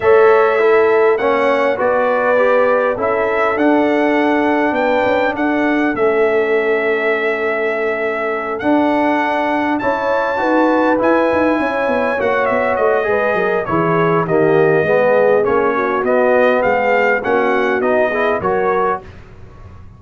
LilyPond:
<<
  \new Staff \with { instrumentName = "trumpet" } { \time 4/4 \tempo 4 = 101 e''2 fis''4 d''4~ | d''4 e''4 fis''2 | g''4 fis''4 e''2~ | e''2~ e''8 fis''4.~ |
fis''8 a''2 gis''4.~ | gis''8 fis''8 e''8 dis''4. cis''4 | dis''2 cis''4 dis''4 | f''4 fis''4 dis''4 cis''4 | }
  \new Staff \with { instrumentName = "horn" } { \time 4/4 cis''4 a'4 cis''4 b'4~ | b'4 a'2. | b'4 a'2.~ | a'1~ |
a'8 cis''4 b'2 cis''8~ | cis''2 b'8 ais'8 gis'4 | g'4 gis'4. fis'4. | gis'4 fis'4. gis'8 ais'4 | }
  \new Staff \with { instrumentName = "trombone" } { \time 4/4 a'4 e'4 cis'4 fis'4 | g'4 e'4 d'2~ | d'2 cis'2~ | cis'2~ cis'8 d'4.~ |
d'8 e'4 fis'4 e'4.~ | e'8 fis'4. gis'4 e'4 | ais4 b4 cis'4 b4~ | b4 cis'4 dis'8 e'8 fis'4 | }
  \new Staff \with { instrumentName = "tuba" } { \time 4/4 a2 ais4 b4~ | b4 cis'4 d'2 | b8 cis'8 d'4 a2~ | a2~ a8 d'4.~ |
d'8 cis'4 dis'4 e'8 dis'8 cis'8 | b8 ais8 b8 a8 gis8 fis8 e4 | dis4 gis4 ais4 b4 | gis4 ais4 b4 fis4 | }
>>